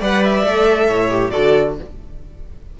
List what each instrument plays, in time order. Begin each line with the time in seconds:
0.00 cello G3, viola B4, violin D5 F#5
0.24 violin E5
0.44 cello A3, viola A4
0.87 cello A2, violin C#5
1.11 viola G4
1.30 cello D3, viola F#4, violin A4 D5